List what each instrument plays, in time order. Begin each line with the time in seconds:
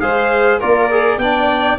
0.00 tuba G#3, trombone G#4, violin C5, trumpet F5
0.59 tuba A#3, trombone F4, violin A#4, trumpet D5
0.90 trombone G#4
1.17 tuba B3, trombone D4, violin D5, trumpet G5